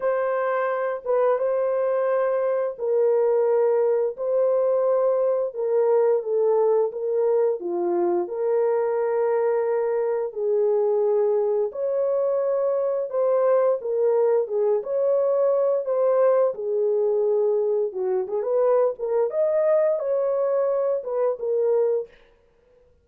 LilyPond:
\new Staff \with { instrumentName = "horn" } { \time 4/4 \tempo 4 = 87 c''4. b'8 c''2 | ais'2 c''2 | ais'4 a'4 ais'4 f'4 | ais'2. gis'4~ |
gis'4 cis''2 c''4 | ais'4 gis'8 cis''4. c''4 | gis'2 fis'8 gis'16 b'8. ais'8 | dis''4 cis''4. b'8 ais'4 | }